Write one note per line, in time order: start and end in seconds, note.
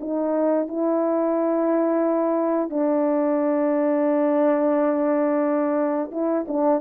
0.00 0.68 D#4
0.68 2.70 E4
2.70 6.11 D4
6.12 6.46 E4
6.47 6.81 D4